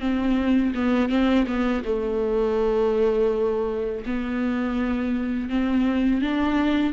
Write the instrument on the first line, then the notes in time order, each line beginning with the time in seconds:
viola
0.00 C4
0.75 B3
1.09 C4
1.47 B3
1.85 A3
4.06 B3
5.49 C4
6.22 D4